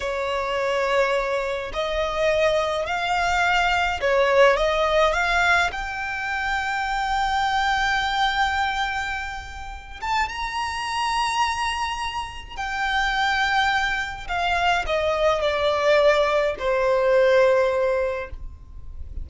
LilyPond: \new Staff \with { instrumentName = "violin" } { \time 4/4 \tempo 4 = 105 cis''2. dis''4~ | dis''4 f''2 cis''4 | dis''4 f''4 g''2~ | g''1~ |
g''4. a''8 ais''2~ | ais''2 g''2~ | g''4 f''4 dis''4 d''4~ | d''4 c''2. | }